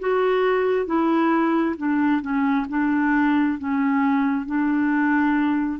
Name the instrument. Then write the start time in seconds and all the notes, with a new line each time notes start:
clarinet
0.00 F#4
0.86 E4
1.77 D4
2.22 C#4
2.69 D4
3.59 C#4
4.46 D4